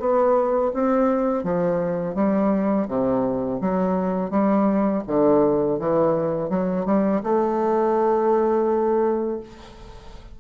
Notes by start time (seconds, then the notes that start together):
0.00 B3
0.74 C4
1.44 F3
2.15 G3
2.88 C3
3.61 F#3
4.30 G3
5.07 D3
5.79 E3
6.50 F#3
6.85 G3
7.23 A3